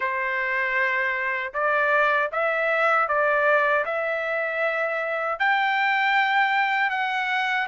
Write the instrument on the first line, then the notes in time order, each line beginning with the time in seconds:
trumpet
0.00 C5
1.53 D5
2.31 E5
3.08 D5
3.85 E5
5.39 G5
6.90 F#5